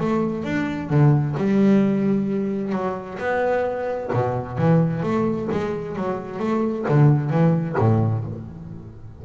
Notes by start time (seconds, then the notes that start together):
0.00 A3
0.44 D4
0.89 D3
1.37 G3
2.73 F#3
3.19 B3
4.13 B2
4.58 E3
5.03 A3
5.51 G#3
5.96 F#3
6.39 A3
6.88 D3
7.30 E3
7.78 A2